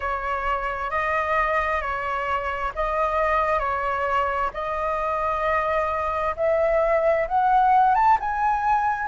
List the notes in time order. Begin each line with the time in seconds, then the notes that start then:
0.00 C#5
0.90 D#5
1.81 C#5
2.75 D#5
3.59 C#5
4.53 D#5
6.36 E5
7.27 F#5
7.94 A5
8.20 G#5